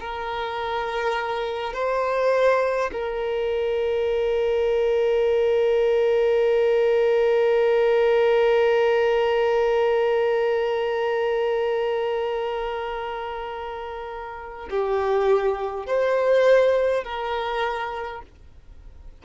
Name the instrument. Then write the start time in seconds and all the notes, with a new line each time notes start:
violin
0.00 A#4
1.73 C5
2.92 A#4
14.70 G4
15.86 C5
17.04 A#4